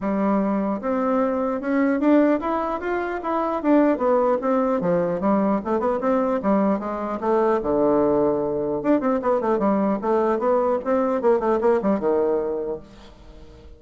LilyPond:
\new Staff \with { instrumentName = "bassoon" } { \time 4/4 \tempo 4 = 150 g2 c'2 | cis'4 d'4 e'4 f'4 | e'4 d'4 b4 c'4 | f4 g4 a8 b8 c'4 |
g4 gis4 a4 d4~ | d2 d'8 c'8 b8 a8 | g4 a4 b4 c'4 | ais8 a8 ais8 g8 dis2 | }